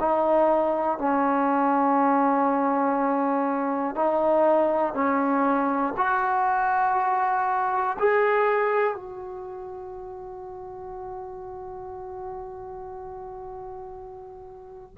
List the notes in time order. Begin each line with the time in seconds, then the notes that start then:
0.00 D#4
0.98 C#4
3.95 D#4
4.94 C#4
5.97 F#4
7.99 G#4
8.95 F#4